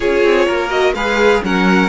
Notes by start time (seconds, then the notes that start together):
0.00 C#4 F4 G#4 C#5
0.23 C4
0.45 A#3 A#4
0.69 F#4 D#5
0.93 G#3 G#4 B4 F5
1.43 F#3 C#4 A#4 F#5